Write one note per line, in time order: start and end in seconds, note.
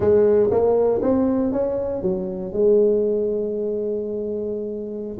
0.00 0.50 G#3
0.50 1.01 A#3
1.02 1.52 C4
1.52 2.02 C#4
2.02 2.52 F#3
2.53 5.17 G#3